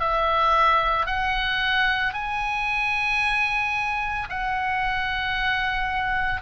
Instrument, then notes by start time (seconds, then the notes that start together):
oboe
0.00 E5
1.07 F#5
2.14 G#5
4.30 F#5